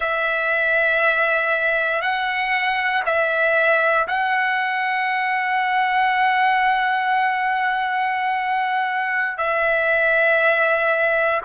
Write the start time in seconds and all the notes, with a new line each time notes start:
0.00 E5
2.01 F#5
3.05 E5
4.07 F#5
9.37 E5